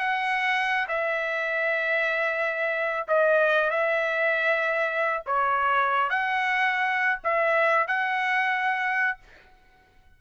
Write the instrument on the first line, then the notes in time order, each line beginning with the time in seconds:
trumpet
0.00 F#5
0.88 E5
3.08 D#5
3.70 E5
5.26 C#5
6.10 F#5
7.24 E5
7.88 F#5